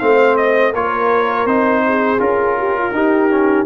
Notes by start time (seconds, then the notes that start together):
0.00 A3 C4 C5 F5
0.37 D#5
0.74 A#3 F4 A#4 C#5
1.46 C4 D#4 C5
1.87 G#4
2.19 C#4 F4 A#4
2.59 G4
2.79 F4
2.92 D#4 G4
3.31 C#4